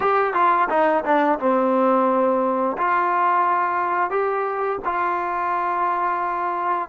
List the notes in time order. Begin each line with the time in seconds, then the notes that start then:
0.00 G4
0.33 F4
0.69 D#4
1.04 D4
1.39 C4
2.77 F4
4.10 G4
4.84 F4